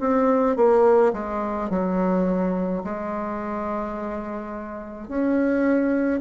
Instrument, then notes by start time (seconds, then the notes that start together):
bassoon
0.00 C4
0.56 A#3
1.13 G#3
1.70 F#3
2.84 G#3
5.08 C#4